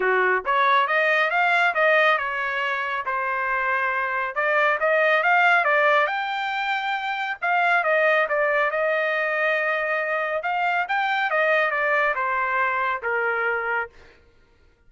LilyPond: \new Staff \with { instrumentName = "trumpet" } { \time 4/4 \tempo 4 = 138 fis'4 cis''4 dis''4 f''4 | dis''4 cis''2 c''4~ | c''2 d''4 dis''4 | f''4 d''4 g''2~ |
g''4 f''4 dis''4 d''4 | dis''1 | f''4 g''4 dis''4 d''4 | c''2 ais'2 | }